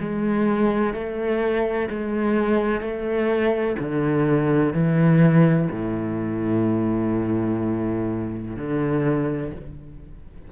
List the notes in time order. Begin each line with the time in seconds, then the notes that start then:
0.00 G#3
0.93 A3
1.90 G#3
2.81 A3
3.79 D3
4.73 E3
5.71 A2
8.56 D3